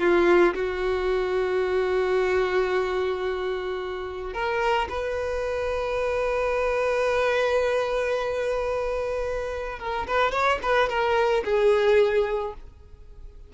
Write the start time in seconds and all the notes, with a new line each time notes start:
0.00 F4
0.55 F#4
4.34 A#4
4.90 B4
9.80 A#4
10.08 B4
10.32 C#5
10.63 B4
10.89 A#4
11.45 G#4